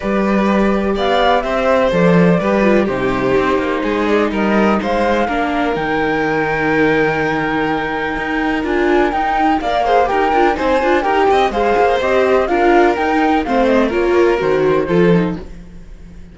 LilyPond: <<
  \new Staff \with { instrumentName = "flute" } { \time 4/4 \tempo 4 = 125 d''2 f''4 e''4 | d''2 c''2~ | c''8 d''8 dis''4 f''2 | g''1~ |
g''2 gis''4 g''4 | f''4 g''4 gis''4 g''4 | f''4 dis''4 f''4 g''4 | f''8 dis''8 cis''4 c''2 | }
  \new Staff \with { instrumentName = "violin" } { \time 4/4 b'2 d''4 c''4~ | c''4 b'4 g'2 | gis'4 ais'4 c''4 ais'4~ | ais'1~ |
ais'1 | d''8 c''8 ais'4 c''4 ais'8 dis''8 | c''2 ais'2 | c''4 ais'2 a'4 | }
  \new Staff \with { instrumentName = "viola" } { \time 4/4 g'1 | a'4 g'8 f'8 dis'2~ | dis'2. d'4 | dis'1~ |
dis'2 f'4 dis'4 | ais'8 gis'8 g'8 f'8 dis'8 f'8 g'4 | gis'4 g'4 f'4 dis'4 | c'4 f'4 fis'4 f'8 dis'8 | }
  \new Staff \with { instrumentName = "cello" } { \time 4/4 g2 b4 c'4 | f4 g4 c4 c'8 ais8 | gis4 g4 gis4 ais4 | dis1~ |
dis4 dis'4 d'4 dis'4 | ais4 dis'8 d'8 c'8 d'8 dis'8 c'8 | gis8 ais8 c'4 d'4 dis'4 | a4 ais4 dis4 f4 | }
>>